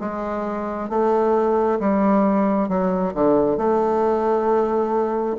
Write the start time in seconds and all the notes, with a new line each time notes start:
0.00 G#3
0.90 A3
1.80 G3
2.69 F#3
3.14 D3
3.57 A3